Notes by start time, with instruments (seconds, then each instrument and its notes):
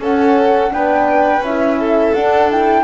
0.00 double bass C#4, horn C#4, violin A4, flute F#5
0.70 double bass B3, horn D4, violin B4, flute G5
1.40 double bass C#4, horn E4, flute E5
1.79 violin A4
2.14 double bass D4, horn D4, flute F#5
2.50 horn E4, flute G5